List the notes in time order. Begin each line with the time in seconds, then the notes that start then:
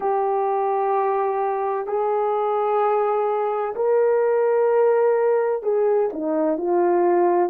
0.00 G4
1.86 G#4
3.75 A#4
5.62 G#4
6.12 D#4
6.57 F4